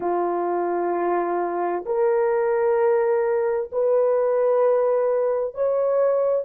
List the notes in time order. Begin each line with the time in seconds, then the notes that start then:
0.00 F4
1.85 A#4
3.72 B4
5.54 C#5